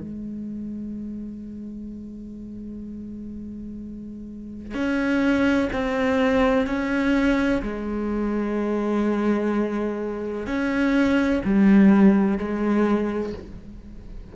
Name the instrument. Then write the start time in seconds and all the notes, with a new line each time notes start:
cello
0.00 G#3
4.74 C#4
5.73 C4
6.66 C#4
7.62 G#3
10.47 C#4
11.45 G3
12.38 G#3